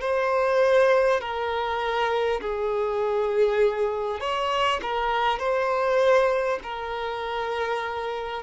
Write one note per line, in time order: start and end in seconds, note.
0.00 1.20 C5
1.21 2.41 A#4
2.41 4.20 G#4
4.20 4.80 C#5
4.82 5.39 A#4
5.39 6.59 C5
6.63 8.43 A#4